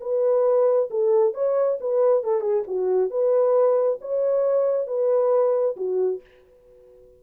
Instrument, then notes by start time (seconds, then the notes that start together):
horn
0.00 B4
0.90 A4
1.34 C#5
1.80 B4
2.23 A4
2.41 G#4
2.67 F#4
3.10 B4
4.01 C#5
4.87 B4
5.76 F#4